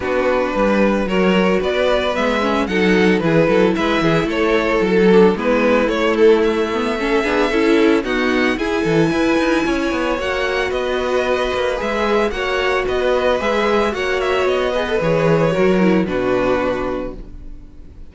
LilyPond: <<
  \new Staff \with { instrumentName = "violin" } { \time 4/4 \tempo 4 = 112 b'2 cis''4 d''4 | e''4 fis''4 b'4 e''4 | cis''4 a'4 b'4 cis''8 a'8 | e''2. fis''4 |
gis''2. fis''4 | dis''2 e''4 fis''4 | dis''4 e''4 fis''8 e''8 dis''4 | cis''2 b'2 | }
  \new Staff \with { instrumentName = "violin" } { \time 4/4 fis'4 b'4 ais'4 b'4~ | b'4 a'4 gis'8 a'8 b'8 gis'8 | a'2 e'2~ | e'4 a'8 gis'8 a'4 fis'4 |
gis'8 a'8 b'4 cis''2 | b'2. cis''4 | b'2 cis''4. b'8~ | b'4 ais'4 fis'2 | }
  \new Staff \with { instrumentName = "viola" } { \time 4/4 d'2 fis'2 | b8 cis'8 dis'4 e'2~ | e'4. d'8 b4 a4~ | a8 b8 cis'8 d'8 e'4 b4 |
e'2. fis'4~ | fis'2 gis'4 fis'4~ | fis'4 gis'4 fis'4. gis'16 a'16 | gis'4 fis'8 e'8 d'2 | }
  \new Staff \with { instrumentName = "cello" } { \time 4/4 b4 g4 fis4 b4 | gis4 fis4 e8 fis8 gis8 e8 | a4 fis4 gis4 a4~ | a4. b8 cis'4 dis'4 |
e'8 e8 e'8 dis'8 cis'8 b8 ais4 | b4. ais8 gis4 ais4 | b4 gis4 ais4 b4 | e4 fis4 b,2 | }
>>